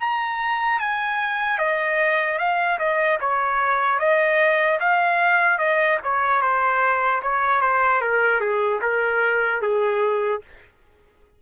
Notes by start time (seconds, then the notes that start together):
0.00 A#5
0.80 G#5
1.58 D#5
2.39 F5
2.79 D#5
3.20 C#5
3.99 D#5
4.80 F5
5.58 D#5
6.04 C#5
6.41 C5
7.23 C#5
7.61 C5
8.01 A#4
8.40 G#4
8.82 A#4
9.62 G#4